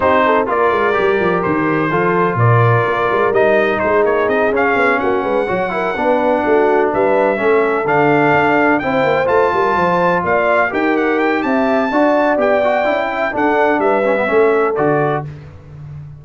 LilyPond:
<<
  \new Staff \with { instrumentName = "trumpet" } { \time 4/4 \tempo 4 = 126 c''4 d''2 c''4~ | c''4 d''2 dis''4 | c''8 cis''8 dis''8 f''4 fis''4.~ | fis''2~ fis''8 e''4.~ |
e''8 f''2 g''4 a''8~ | a''4. f''4 g''8 fis''8 g''8 | a''2 g''2 | fis''4 e''2 d''4 | }
  \new Staff \with { instrumentName = "horn" } { \time 4/4 g'8 a'8 ais'2. | a'4 ais'2. | gis'2~ gis'8 fis'8 b'8 cis''8 | ais'8 b'4 fis'4 b'4 a'8~ |
a'2~ a'8 c''4. | ais'8 c''4 d''4 ais'4. | e''4 d''2~ d''8 e''8 | a'4 b'4 a'2 | }
  \new Staff \with { instrumentName = "trombone" } { \time 4/4 dis'4 f'4 g'2 | f'2. dis'4~ | dis'4. cis'2 fis'8 | e'8 d'2. cis'8~ |
cis'8 d'2 e'4 f'8~ | f'2~ f'8 g'4.~ | g'4 fis'4 g'8 fis'8 e'4 | d'4. cis'16 b16 cis'4 fis'4 | }
  \new Staff \with { instrumentName = "tuba" } { \time 4/4 c'4 ais8 gis8 g8 f8 dis4 | f4 ais,4 ais8 gis8 g4 | gis8 ais8 c'8 cis'8 b8 ais8 gis8 fis8~ | fis8 b4 a4 g4 a8~ |
a8 d4 d'4 c'8 ais8 a8 | g8 f4 ais4 dis'4. | c'4 d'4 b4 cis'4 | d'4 g4 a4 d4 | }
>>